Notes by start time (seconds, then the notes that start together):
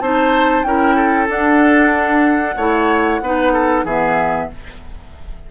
0.00 C4 D#4 C5 A5
0.63 C#4 E4 A#4 G5
0.95 A4
1.28 D4 F#5
2.56 A3 E4 C#5
3.21 B3 D#4 B4
3.53 A4
3.84 E3 B3 G#4 E5